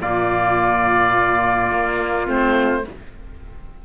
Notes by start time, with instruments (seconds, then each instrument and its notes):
0.00 cello A#2, clarinet A#3, trumpet F4, oboe D5
1.71 cello A#3
2.26 cello A3, clarinet C4, oboe C5